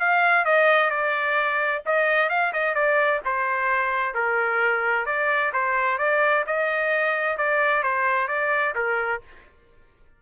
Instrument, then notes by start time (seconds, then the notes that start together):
trumpet
0.00 F5
0.46 D#5
0.91 D5
1.87 D#5
2.30 F5
2.53 D#5
2.75 D5
3.26 C5
4.15 A#4
5.06 D5
5.54 C5
5.99 D5
6.47 D#5
7.38 D5
7.84 C5
8.28 D5
8.76 A#4